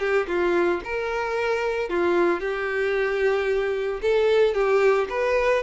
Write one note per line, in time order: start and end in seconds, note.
0.00 0.27 G4
0.28 0.82 F4
0.85 1.90 A#4
1.90 2.41 F4
2.41 4.01 G4
4.02 4.55 A4
4.55 5.08 G4
5.10 5.63 B4